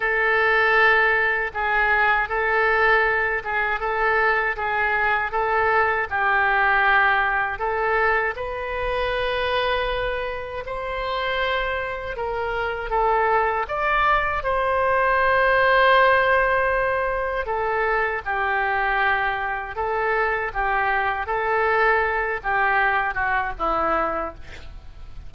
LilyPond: \new Staff \with { instrumentName = "oboe" } { \time 4/4 \tempo 4 = 79 a'2 gis'4 a'4~ | a'8 gis'8 a'4 gis'4 a'4 | g'2 a'4 b'4~ | b'2 c''2 |
ais'4 a'4 d''4 c''4~ | c''2. a'4 | g'2 a'4 g'4 | a'4. g'4 fis'8 e'4 | }